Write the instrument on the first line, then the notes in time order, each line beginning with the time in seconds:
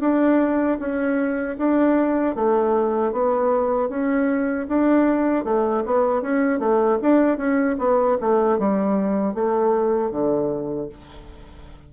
bassoon
0.00 D4
0.79 C#4
1.58 D4
2.36 A3
3.12 B3
3.89 C#4
4.68 D4
5.45 A3
5.85 B3
6.22 C#4
6.59 A3
7.02 D4
7.37 C#4
7.79 B3
8.21 A3
8.59 G3
9.34 A3
10.11 D3